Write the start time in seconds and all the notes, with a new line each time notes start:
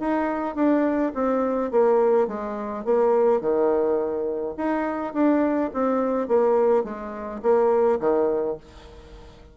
0.00 D#4
0.56 D4
1.15 C4
1.71 A#3
2.28 G#3
2.85 A#3
3.41 D#3
4.57 D#4
5.14 D4
5.74 C4
6.28 A#3
6.84 G#3
7.43 A#3
8.00 D#3